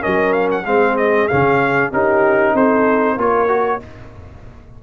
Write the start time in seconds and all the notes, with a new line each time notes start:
0.00 C#4 A#4 D#5
0.06 F#3
0.33 F5
0.51 F#5
0.65 G#3 C4 G#4 F5
0.97 D#5
1.28 C#3 C#4 F5
1.91 C#4 D#4 G4 A#4
2.54 C4 A4 C5
3.17 A#3 F4 A#4 C#5
3.48 F#4